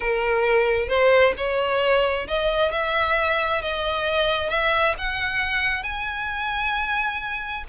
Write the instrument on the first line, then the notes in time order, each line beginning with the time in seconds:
violin
0.00 A#4
0.88 C5
1.37 C#5
2.27 D#5
2.71 E5
3.61 D#5
4.49 E5
4.97 F#5
5.83 G#5